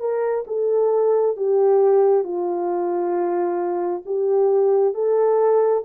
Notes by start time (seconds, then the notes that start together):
0.00 A#4
0.47 A4
1.37 G4
2.24 F4
4.05 G4
4.94 A4